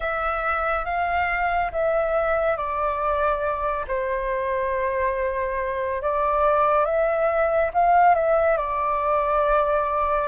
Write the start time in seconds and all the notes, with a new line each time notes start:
0.00 E5
0.85 F5
1.72 E5
2.56 D5
3.87 C5
6.02 D5
6.85 E5
7.73 F5
8.14 E5
8.57 D5